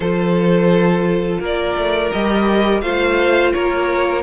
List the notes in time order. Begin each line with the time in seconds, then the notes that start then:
0.00 F3 F4 A4 C5
1.40 A#3 A#4 D5
1.75 A3
2.11 G3 G4 D#5
2.81 A3 F4 C5 F5
3.52 A#3 A#4 C#5